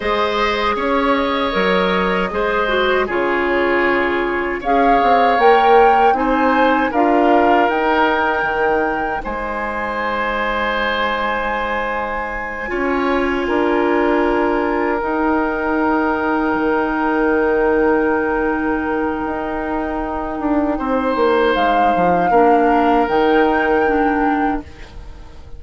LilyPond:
<<
  \new Staff \with { instrumentName = "flute" } { \time 4/4 \tempo 4 = 78 dis''4 cis''8 dis''2~ dis''8 | cis''2 f''4 g''4 | gis''4 f''4 g''2 | gis''1~ |
gis''2.~ gis''8 g''8~ | g''1~ | g''1 | f''2 g''2 | }
  \new Staff \with { instrumentName = "oboe" } { \time 4/4 c''4 cis''2 c''4 | gis'2 cis''2 | c''4 ais'2. | c''1~ |
c''8 cis''4 ais'2~ ais'8~ | ais'1~ | ais'2. c''4~ | c''4 ais'2. | }
  \new Staff \with { instrumentName = "clarinet" } { \time 4/4 gis'2 ais'4 gis'8 fis'8 | f'2 gis'4 ais'4 | dis'4 f'4 dis'2~ | dis'1~ |
dis'8 f'2. dis'8~ | dis'1~ | dis'1~ | dis'4 d'4 dis'4 d'4 | }
  \new Staff \with { instrumentName = "bassoon" } { \time 4/4 gis4 cis'4 fis4 gis4 | cis2 cis'8 c'8 ais4 | c'4 d'4 dis'4 dis4 | gis1~ |
gis8 cis'4 d'2 dis'8~ | dis'4. dis2~ dis8~ | dis4 dis'4. d'8 c'8 ais8 | gis8 f8 ais4 dis2 | }
>>